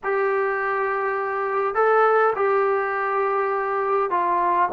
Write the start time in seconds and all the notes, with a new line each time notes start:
0.03 G4
1.74 A4
2.35 G4
4.10 F4